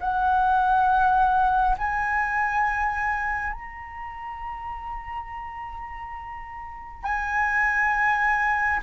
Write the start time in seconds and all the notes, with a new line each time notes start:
0.00 F#5
1.78 G#5
3.53 A#5
7.04 G#5